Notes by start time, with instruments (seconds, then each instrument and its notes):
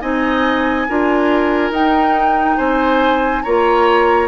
0.00 bassoon C4, clarinet D#4, oboe D#5, flute G#5
0.88 bassoon D4, clarinet F4, oboe A#4
1.70 bassoon D#4, clarinet D#4, flute G5
2.56 bassoon C4, oboe C5, flute G#5
3.42 bassoon A#3, clarinet F4, oboe C#5, flute A#5